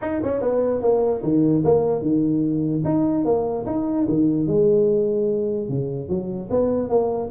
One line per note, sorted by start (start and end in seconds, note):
0.01 0.22 D#4
0.23 0.41 C#4
0.41 0.81 B3
0.81 1.22 A#3
1.22 1.63 D#3
1.64 2.01 A#3
2.01 2.82 D#3
2.84 3.24 D#4
3.25 3.65 A#3
3.66 4.06 D#4
4.08 4.47 D#3
4.47 5.69 G#3
5.69 6.08 C#3
6.08 6.49 F#3
6.50 6.89 B3
6.89 7.29 A#3